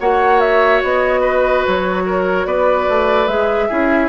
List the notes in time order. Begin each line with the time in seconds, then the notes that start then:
0.00 A#3 F#4 C#5 F#5
0.41 E5
0.83 B3 D#5
1.21 B4
1.66 F#3 C#5
2.06 A#4
2.46 B3 B4 D5
2.89 A3
3.28 G#3 G#4 E5
3.68 C#4 E4 G#4